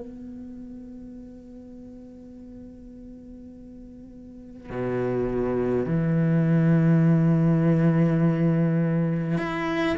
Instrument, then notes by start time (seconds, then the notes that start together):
cello
0.00 B3
4.70 B2
5.86 E3
9.38 E4